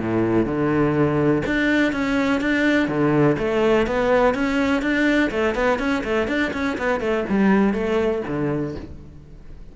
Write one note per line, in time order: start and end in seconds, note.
0.00 0.46 A2
0.46 1.43 D3
1.47 1.93 D4
1.93 2.41 C#4
2.41 2.89 D4
2.89 3.37 D3
3.39 3.87 A3
3.87 4.35 B3
4.35 4.83 C#4
4.83 5.31 D4
5.31 5.55 A3
5.55 5.79 B3
5.79 6.03 C#4
6.04 6.28 A3
6.28 6.52 D4
6.53 6.78 C#4
6.78 7.01 B3
7.01 7.25 A3
7.30 7.74 G3
7.74 8.22 A3
8.28 8.76 D3